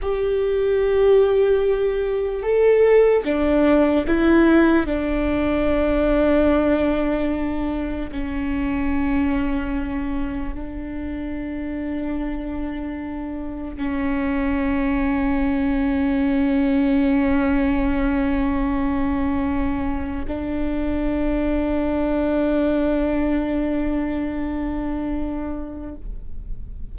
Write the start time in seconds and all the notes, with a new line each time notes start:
0.01 G4
2.42 A4
3.24 D4
4.07 E4
4.86 D4
8.11 C#4
10.54 D4
13.77 C#4
20.27 D4